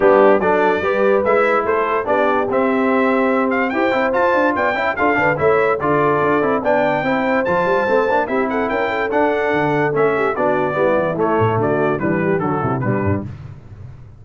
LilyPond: <<
  \new Staff \with { instrumentName = "trumpet" } { \time 4/4 \tempo 4 = 145 g'4 d''2 e''4 | c''4 d''4 e''2~ | e''8 f''8 g''4 a''4 g''4 | f''4 e''4 d''2 |
g''2 a''2 | e''8 fis''8 g''4 fis''2 | e''4 d''2 cis''4 | d''4 b'4 a'4 b'4 | }
  \new Staff \with { instrumentName = "horn" } { \time 4/4 d'4 a'4 b'2 | a'4 g'2.~ | g'4 c''2 d''8 e''8 | a'8 b'8 cis''4 a'2 |
d''4 c''2. | g'8 a'8 ais'8 a'2~ a'8~ | a'8 g'8 fis'4 e'2 | fis'4 d'8 g'8 fis'8 e'8 d'4 | }
  \new Staff \with { instrumentName = "trombone" } { \time 4/4 b4 d'4 g'4 e'4~ | e'4 d'4 c'2~ | c'4 g'8 e'8 f'4. e'8 | f'8 d'8 e'4 f'4. e'8 |
d'4 e'4 f'4 c'8 d'8 | e'2 d'2 | cis'4 d'4 b4 a4~ | a4 g4 fis4 g4 | }
  \new Staff \with { instrumentName = "tuba" } { \time 4/4 g4 fis4 g4 gis4 | a4 b4 c'2~ | c'4 e'8 c'8 f'8 d'8 b8 cis'8 | d'8 d8 a4 d4 d'8 c'8 |
b4 c'4 f8 g8 a8 ais8 | c'4 cis'4 d'4 d4 | a4 b4 g8 e8 a8 a,8 | d4 e4 d8 c8 b,8 g,8 | }
>>